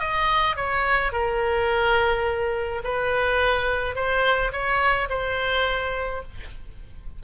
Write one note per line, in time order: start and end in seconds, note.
0.00 0.57 D#5
0.57 1.13 C#5
1.13 2.83 A#4
2.84 3.96 B4
3.96 4.52 C5
4.53 5.09 C#5
5.10 6.23 C5